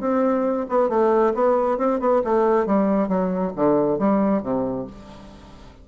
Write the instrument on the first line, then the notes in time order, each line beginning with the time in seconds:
bassoon
0.00 C4
0.69 B3
0.89 A3
1.34 B3
1.78 C4
2.00 B3
2.24 A3
2.66 G3
3.08 F#3
3.56 D3
3.98 G3
4.42 C3